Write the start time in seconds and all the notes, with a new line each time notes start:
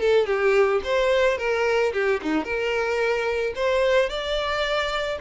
0.00 A4
0.26 G4
0.84 C5
1.38 A#4
1.93 G4
2.22 D#4
2.44 A#4
3.55 C5
4.09 D5